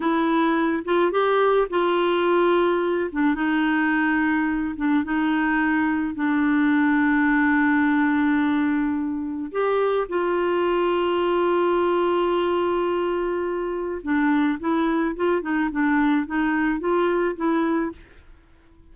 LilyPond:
\new Staff \with { instrumentName = "clarinet" } { \time 4/4 \tempo 4 = 107 e'4. f'8 g'4 f'4~ | f'4. d'8 dis'2~ | dis'8 d'8 dis'2 d'4~ | d'1~ |
d'4 g'4 f'2~ | f'1~ | f'4 d'4 e'4 f'8 dis'8 | d'4 dis'4 f'4 e'4 | }